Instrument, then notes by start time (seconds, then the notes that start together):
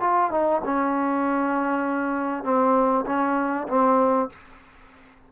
trombone
0.00 F4
0.31 D#4
0.64 C#4
2.44 C4
3.06 C#4
3.68 C4